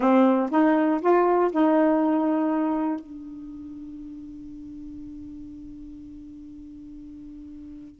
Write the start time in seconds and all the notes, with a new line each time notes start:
0.00 C4
0.50 D#4
1.01 F4
1.51 D#4
3.00 D4